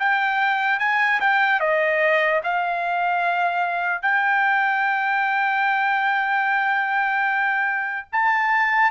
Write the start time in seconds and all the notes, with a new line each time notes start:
0.00 G5
0.80 G#5
1.21 G5
1.60 D#5
2.44 F5
4.02 G5
8.13 A5